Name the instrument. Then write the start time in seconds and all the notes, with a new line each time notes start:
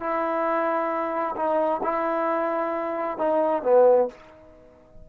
trombone
0.00 E4
1.36 D#4
1.83 E4
3.18 D#4
3.63 B3